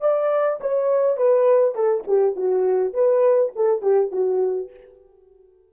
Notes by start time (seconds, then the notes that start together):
0.00 D5
0.60 C#5
1.17 B4
1.74 A4
2.07 G4
2.36 F#4
2.93 B4
3.55 A4
3.82 G4
4.11 F#4